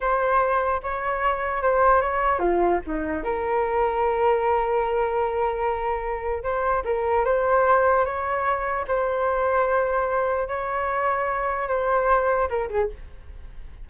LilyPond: \new Staff \with { instrumentName = "flute" } { \time 4/4 \tempo 4 = 149 c''2 cis''2 | c''4 cis''4 f'4 dis'4 | ais'1~ | ais'1 |
c''4 ais'4 c''2 | cis''2 c''2~ | c''2 cis''2~ | cis''4 c''2 ais'8 gis'8 | }